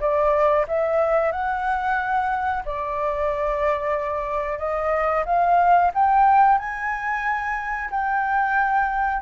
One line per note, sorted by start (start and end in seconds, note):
0.00 0.66 D5
0.68 1.32 E5
1.32 2.63 F#5
2.65 4.59 D5
4.59 5.24 D#5
5.25 5.91 F5
5.94 6.58 G5
6.58 7.90 G#5
7.91 9.22 G5